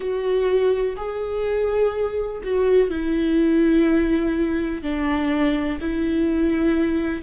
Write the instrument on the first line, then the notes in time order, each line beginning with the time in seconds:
viola
0.00 F#4
0.96 G#4
2.43 F#4
2.89 E4
4.82 D4
5.81 E4